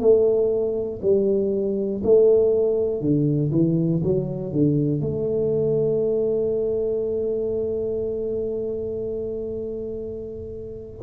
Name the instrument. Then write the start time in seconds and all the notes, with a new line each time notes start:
tuba
0.00 A3
1.03 G3
2.04 A3
3.01 D3
3.52 E3
4.04 F#3
4.53 D3
5.01 A3